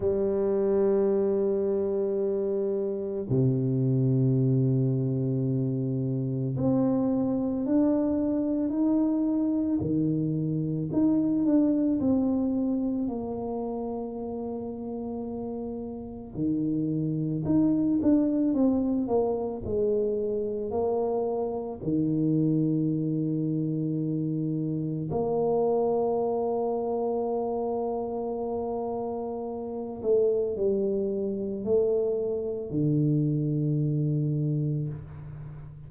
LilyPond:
\new Staff \with { instrumentName = "tuba" } { \time 4/4 \tempo 4 = 55 g2. c4~ | c2 c'4 d'4 | dis'4 dis4 dis'8 d'8 c'4 | ais2. dis4 |
dis'8 d'8 c'8 ais8 gis4 ais4 | dis2. ais4~ | ais2.~ ais8 a8 | g4 a4 d2 | }